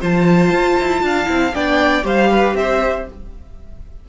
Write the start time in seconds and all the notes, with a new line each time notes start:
0.00 F3 F4 C5 A5
0.51 F4
0.80 E4
1.02 D4 F5
1.25 C4 E4
1.54 B3 D4 D5 G5
2.03 G3 G4 C5 F5
2.31 B4
2.53 C4 C5 E5